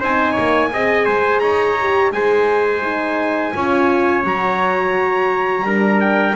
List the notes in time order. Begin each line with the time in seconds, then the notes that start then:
0.00 C4 D#4 C5 G#5
0.33 A#3 C#5
0.73 C4 G#4 D#5
1.05 G#3 C5
1.40 D#4 C#5 A#5
1.80 G4
2.12 G#3 G#4 C5 G#5
2.83 D#4
3.54 C#4 F4 C#5
4.24 F#3 F#4 A#5
5.62 G3 D4 A#4
6.01 G5